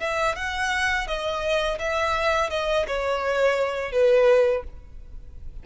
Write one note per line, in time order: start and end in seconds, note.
0.00 0.36 E5
0.36 1.07 F#5
1.07 1.79 D#5
1.79 2.50 E5
2.50 2.86 D#5
2.87 3.92 C#5
3.92 4.64 B4